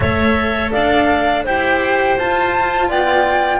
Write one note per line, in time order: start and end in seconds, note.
0.00 0.71 A3
0.00 1.46 A4
0.00 0.72 C#5
0.00 0.71 E5
0.72 1.46 D4
0.72 1.44 D5
0.72 1.44 F5
1.44 2.18 E4
1.44 2.17 G4
1.44 2.89 C5
1.44 2.17 G5
2.17 3.60 F4
2.17 2.89 F4
2.17 2.90 A5
2.89 3.60 B3
2.89 3.60 D5
2.89 3.60 G5